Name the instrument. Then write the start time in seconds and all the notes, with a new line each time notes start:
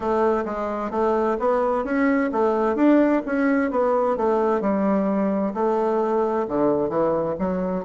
bassoon
0.00 A3
0.44 G#3
0.91 A3
1.39 B3
1.84 C#4
2.32 A3
2.75 D4
3.26 C#4
3.70 B3
4.17 A3
4.60 G3
5.54 A3
6.48 D3
6.89 E3
7.38 F#3